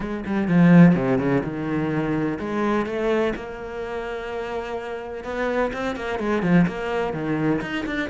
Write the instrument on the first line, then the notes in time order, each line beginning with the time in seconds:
cello
0.00 G#3
0.26 G3
0.48 F3
0.95 C3
1.18 C#3
1.43 D#3
2.39 G#3
2.86 A3
3.35 A#3
5.24 B3
5.73 C4
5.95 A#3
6.19 G#3
6.42 F3
6.67 A#3
7.13 D#3
7.61 D#4
7.85 D4